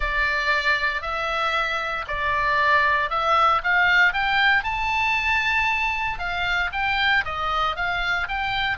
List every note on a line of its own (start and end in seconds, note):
0.00 1.01 D5
1.01 2.05 E5
2.07 3.09 D5
3.09 3.61 E5
3.63 4.13 F5
4.13 4.63 G5
4.63 6.18 A5
6.18 6.70 F5
6.72 7.24 G5
7.24 7.76 D#5
7.76 8.27 F5
8.28 8.77 G5